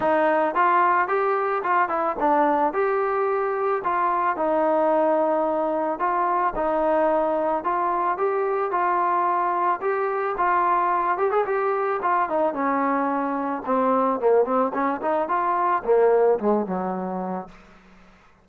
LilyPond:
\new Staff \with { instrumentName = "trombone" } { \time 4/4 \tempo 4 = 110 dis'4 f'4 g'4 f'8 e'8 | d'4 g'2 f'4 | dis'2. f'4 | dis'2 f'4 g'4 |
f'2 g'4 f'4~ | f'8 g'16 gis'16 g'4 f'8 dis'8 cis'4~ | cis'4 c'4 ais8 c'8 cis'8 dis'8 | f'4 ais4 gis8 fis4. | }